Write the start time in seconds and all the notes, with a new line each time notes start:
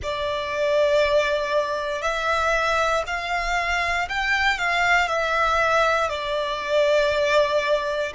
0.02 D5
2.02 E5
3.06 F5
4.09 G5
4.58 F5
5.08 E5
6.09 D5